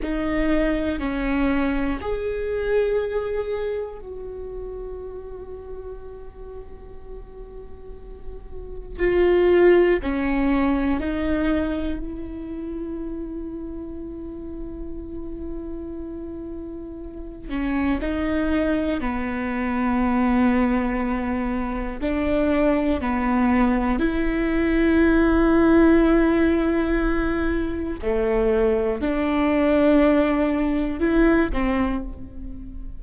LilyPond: \new Staff \with { instrumentName = "viola" } { \time 4/4 \tempo 4 = 60 dis'4 cis'4 gis'2 | fis'1~ | fis'4 f'4 cis'4 dis'4 | e'1~ |
e'4. cis'8 dis'4 b4~ | b2 d'4 b4 | e'1 | a4 d'2 e'8 c'8 | }